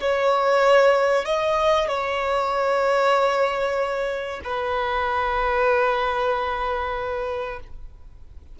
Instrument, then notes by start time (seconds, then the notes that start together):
violin
0.00 C#5
1.25 D#5
1.88 C#5
4.44 B4